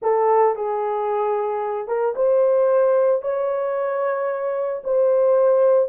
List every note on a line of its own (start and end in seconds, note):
0.02 0.55 A4
0.55 1.87 G#4
1.87 2.14 A#4
2.15 3.21 C5
3.21 4.82 C#5
4.84 5.89 C5